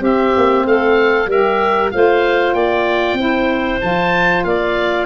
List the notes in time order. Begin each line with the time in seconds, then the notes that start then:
0.00 C4 G4 E5
0.37 A#3
0.65 A3 A4 F5
1.26 G3 G4 A#4 E5
1.90 A3 F4 C5 F5
2.53 A#3 D5 G5
3.13 C4 E4
3.19 C5
3.80 F3 F4 A5
4.44 A#3 D5 F5